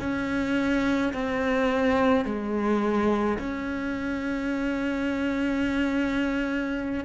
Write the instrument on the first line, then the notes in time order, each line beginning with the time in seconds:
cello
0.00 C#4
1.14 C4
2.25 G#3
3.39 C#4